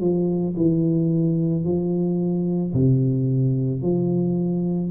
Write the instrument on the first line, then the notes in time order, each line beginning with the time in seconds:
tuba
0.00 F3
0.56 E3
1.64 F3
2.73 C3
3.82 F3